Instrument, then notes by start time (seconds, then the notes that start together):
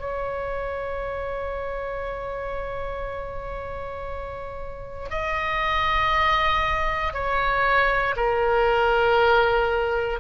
oboe
0.00 C#5
5.10 D#5
7.13 C#5
8.16 A#4